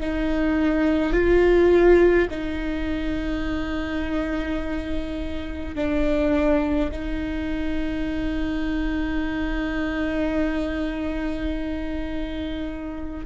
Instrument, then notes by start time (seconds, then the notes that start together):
viola
0.00 D#4
1.12 F4
2.30 D#4
5.75 D4
6.91 D#4